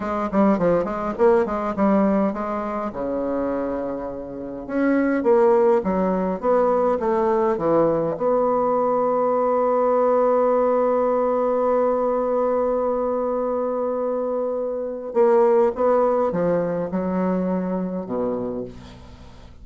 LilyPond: \new Staff \with { instrumentName = "bassoon" } { \time 4/4 \tempo 4 = 103 gis8 g8 f8 gis8 ais8 gis8 g4 | gis4 cis2. | cis'4 ais4 fis4 b4 | a4 e4 b2~ |
b1~ | b1~ | b2 ais4 b4 | f4 fis2 b,4 | }